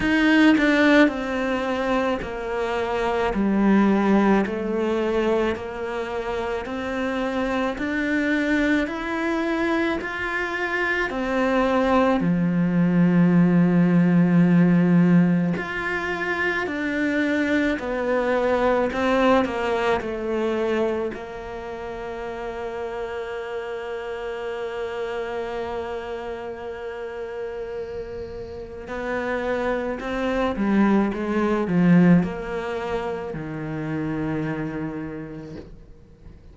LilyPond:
\new Staff \with { instrumentName = "cello" } { \time 4/4 \tempo 4 = 54 dis'8 d'8 c'4 ais4 g4 | a4 ais4 c'4 d'4 | e'4 f'4 c'4 f4~ | f2 f'4 d'4 |
b4 c'8 ais8 a4 ais4~ | ais1~ | ais2 b4 c'8 g8 | gis8 f8 ais4 dis2 | }